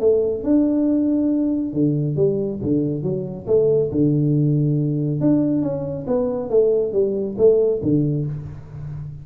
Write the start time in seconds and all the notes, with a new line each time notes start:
0.00 A3
0.44 D4
1.73 D3
2.16 G3
2.63 D3
3.03 F#3
3.47 A3
3.92 D3
5.21 D4
5.62 C#4
6.07 B3
6.50 A3
6.93 G3
7.38 A3
7.83 D3